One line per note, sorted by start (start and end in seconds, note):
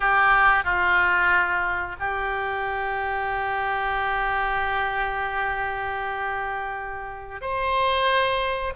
0.00 0.64 G4
0.64 1.96 F4
1.99 7.41 G4
7.41 8.73 C5